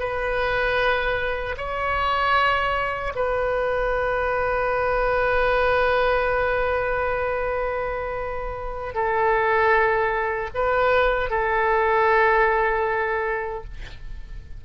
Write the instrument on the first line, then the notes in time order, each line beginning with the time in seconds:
oboe
0.00 B4
1.58 C#5
3.16 B4
8.95 A4
10.55 B4
11.31 A4